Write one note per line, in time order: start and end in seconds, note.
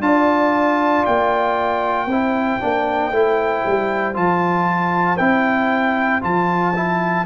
0.00 1.03 D4
0.00 2.08 F4
0.00 2.09 D5
0.00 1.05 A5
1.06 2.06 A#3
1.06 4.16 G5
2.06 2.58 C4
2.06 2.60 E4
2.06 7.26 C5
2.60 3.12 A#3
2.60 3.12 D4
3.12 3.63 A3
3.12 4.14 E4
3.66 4.16 G3
4.14 5.19 F3
4.14 5.17 F4
4.14 5.17 A5
5.17 6.23 C4
5.17 6.22 E4
5.17 6.21 G5
6.22 7.26 F3
6.22 6.73 F4
6.22 7.26 A5
6.76 7.26 E4